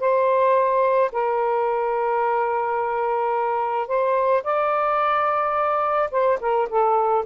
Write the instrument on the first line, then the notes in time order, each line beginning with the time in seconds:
saxophone
0.00 C5
1.12 A#4
3.88 C5
4.44 D5
6.11 C5
6.41 A#4
6.69 A4